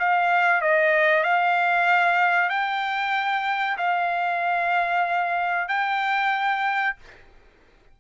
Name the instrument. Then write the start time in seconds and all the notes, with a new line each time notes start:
trumpet
0.00 F5
0.62 D#5
1.24 F5
2.50 G5
3.78 F5
5.69 G5